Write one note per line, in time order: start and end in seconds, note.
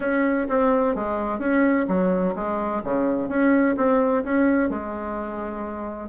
0.00 0.47 C#4
0.48 0.95 C4
0.95 1.39 G#3
1.39 1.86 C#4
1.87 2.34 F#3
2.35 2.82 G#3
2.84 3.28 C#3
3.28 3.75 C#4
3.76 4.23 C4
4.23 4.69 C#4
4.69 6.09 G#3